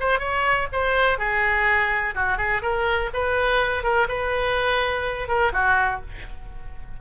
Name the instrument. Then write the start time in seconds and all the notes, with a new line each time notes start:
oboe
0.00 C5
0.19 C#5
0.73 C5
1.19 G#4
2.15 F#4
2.38 G#4
2.62 A#4
3.14 B4
3.84 A#4
4.09 B4
5.28 A#4
5.53 F#4